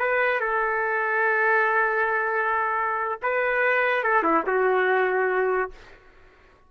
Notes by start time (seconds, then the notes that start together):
0.00 B4
0.41 A4
3.23 B4
4.04 A4
4.23 E4
4.47 F#4